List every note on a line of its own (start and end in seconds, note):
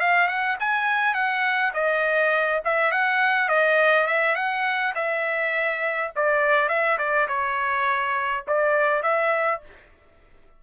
0.00 0.27 F5
0.27 0.56 F#5
0.60 1.14 G#5
1.14 1.72 F#5
1.74 2.61 D#5
2.64 2.91 E5
2.91 3.48 F#5
3.48 4.06 D#5
4.06 4.35 E5
4.35 4.93 F#5
4.95 6.11 E5
6.16 6.68 D5
6.68 6.97 E5
6.98 7.27 D5
7.27 8.44 C#5
8.47 9.02 D5
9.02 9.61 E5